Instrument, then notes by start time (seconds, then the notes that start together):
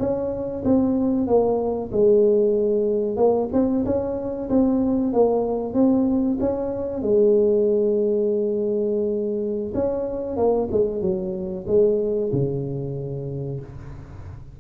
tuba
0.00 C#4
0.65 C4
1.27 A#3
1.92 G#3
3.17 A#3
3.53 C4
3.86 C#4
4.50 C4
5.13 A#3
5.74 C4
6.40 C#4
7.02 G#3
9.74 C#4
10.37 A#3
10.71 G#3
11.02 F#3
11.67 G#3
12.32 C#3